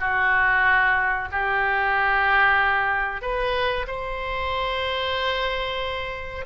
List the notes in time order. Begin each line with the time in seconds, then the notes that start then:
0.00 F#4
1.32 G4
3.22 B4
3.87 C5